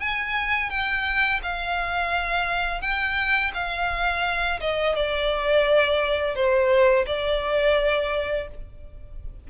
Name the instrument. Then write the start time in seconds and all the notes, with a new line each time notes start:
violin
0.00 G#5
0.70 G5
1.43 F5
2.81 G5
3.54 F5
4.60 D#5
4.96 D5
6.35 C5
7.07 D5